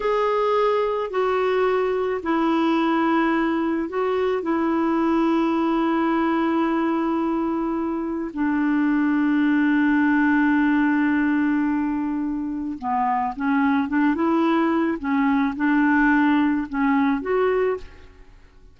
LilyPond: \new Staff \with { instrumentName = "clarinet" } { \time 4/4 \tempo 4 = 108 gis'2 fis'2 | e'2. fis'4 | e'1~ | e'2. d'4~ |
d'1~ | d'2. b4 | cis'4 d'8 e'4. cis'4 | d'2 cis'4 fis'4 | }